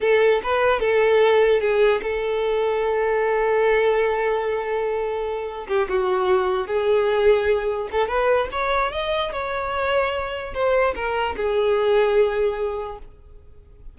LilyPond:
\new Staff \with { instrumentName = "violin" } { \time 4/4 \tempo 4 = 148 a'4 b'4 a'2 | gis'4 a'2.~ | a'1~ | a'2 g'8 fis'4.~ |
fis'8 gis'2. a'8 | b'4 cis''4 dis''4 cis''4~ | cis''2 c''4 ais'4 | gis'1 | }